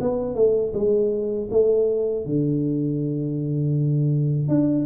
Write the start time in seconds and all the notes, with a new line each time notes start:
0.00 B3
0.34 A3
0.73 G#3
1.50 A3
2.25 D3
4.48 D4